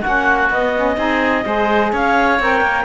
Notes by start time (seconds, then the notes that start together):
0.00 C#4 F#4 F#5
0.07 A#3
0.49 B3 D#5
0.75 C#4
0.96 C4 D#4 G#4
1.44 G#3 G#4 C5
1.92 C#4 C#5 F5
2.39 C4 A#4 G5
2.61 A#3